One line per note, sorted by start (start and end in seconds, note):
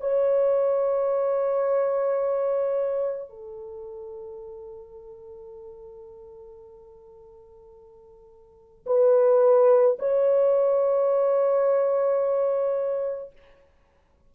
0.00 3.29 C#5
3.29 8.85 A4
8.86 9.97 B4
9.99 13.32 C#5